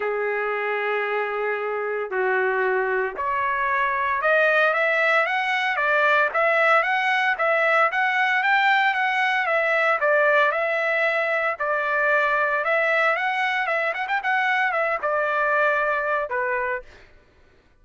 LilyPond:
\new Staff \with { instrumentName = "trumpet" } { \time 4/4 \tempo 4 = 114 gis'1 | fis'2 cis''2 | dis''4 e''4 fis''4 d''4 | e''4 fis''4 e''4 fis''4 |
g''4 fis''4 e''4 d''4 | e''2 d''2 | e''4 fis''4 e''8 fis''16 g''16 fis''4 | e''8 d''2~ d''8 b'4 | }